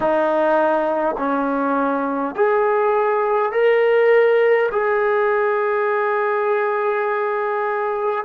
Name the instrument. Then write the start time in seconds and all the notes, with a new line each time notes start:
trombone
0.00 D#4
1.18 C#4
2.35 G#4
3.51 A#4
4.71 G#4